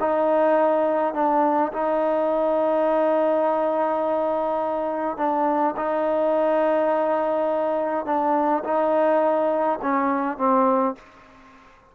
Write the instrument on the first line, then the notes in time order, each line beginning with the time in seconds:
trombone
0.00 D#4
1.14 D4
1.73 D#4
5.17 D4
5.77 D#4
8.06 D4
8.64 D#4
9.82 C#4
10.38 C4